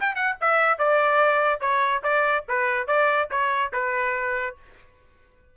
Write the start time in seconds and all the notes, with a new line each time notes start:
0.00 G5
0.15 F#5
0.41 E5
0.78 D5
1.61 C#5
2.03 D5
2.49 B4
2.87 D5
3.31 C#5
3.73 B4